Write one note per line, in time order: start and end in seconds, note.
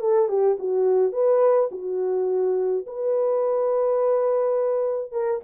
0.00 0.29 A4
0.29 0.57 G4
0.59 1.12 F#4
1.12 1.69 B4
1.71 2.86 F#4
2.86 5.12 B4
5.12 5.41 A#4